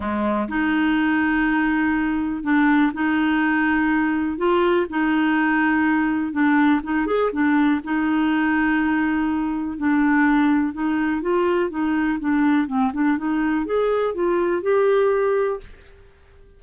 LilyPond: \new Staff \with { instrumentName = "clarinet" } { \time 4/4 \tempo 4 = 123 gis4 dis'2.~ | dis'4 d'4 dis'2~ | dis'4 f'4 dis'2~ | dis'4 d'4 dis'8 gis'8 d'4 |
dis'1 | d'2 dis'4 f'4 | dis'4 d'4 c'8 d'8 dis'4 | gis'4 f'4 g'2 | }